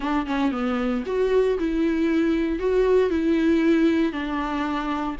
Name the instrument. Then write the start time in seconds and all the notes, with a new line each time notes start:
viola
0.00 D4
0.26 C#4
0.51 B3
1.06 F#4
1.58 E4
2.59 F#4
3.10 E4
4.12 D4